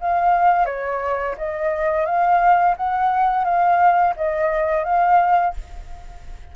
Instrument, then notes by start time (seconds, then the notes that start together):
flute
0.00 F5
0.65 C#5
1.37 D#5
2.05 F5
2.77 F#5
3.44 F5
4.16 D#5
4.84 F5